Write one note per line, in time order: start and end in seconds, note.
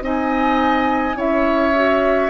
0.00 1.15 C4
0.00 1.15 D#4
0.00 1.16 D#5
0.00 1.19 G#5
1.15 2.30 C#4
1.15 1.73 E4
1.15 2.30 C#5
1.15 2.30 E5
1.75 2.30 F#4